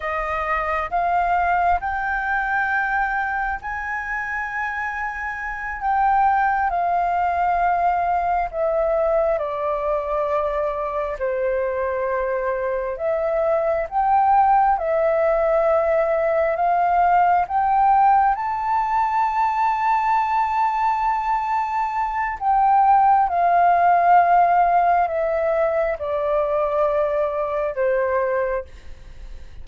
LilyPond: \new Staff \with { instrumentName = "flute" } { \time 4/4 \tempo 4 = 67 dis''4 f''4 g''2 | gis''2~ gis''8 g''4 f''8~ | f''4. e''4 d''4.~ | d''8 c''2 e''4 g''8~ |
g''8 e''2 f''4 g''8~ | g''8 a''2.~ a''8~ | a''4 g''4 f''2 | e''4 d''2 c''4 | }